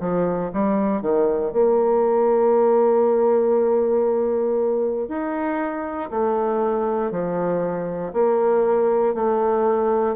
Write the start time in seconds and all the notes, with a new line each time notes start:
0.00 F3
0.53 G3
1.02 D#3
1.53 A#3
5.08 D#4
6.11 A3
7.11 F3
8.13 A#3
9.15 A3